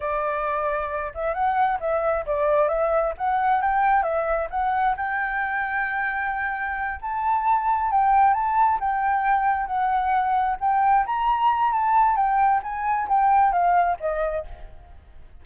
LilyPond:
\new Staff \with { instrumentName = "flute" } { \time 4/4 \tempo 4 = 133 d''2~ d''8 e''8 fis''4 | e''4 d''4 e''4 fis''4 | g''4 e''4 fis''4 g''4~ | g''2.~ g''8 a''8~ |
a''4. g''4 a''4 g''8~ | g''4. fis''2 g''8~ | g''8 ais''4. a''4 g''4 | gis''4 g''4 f''4 dis''4 | }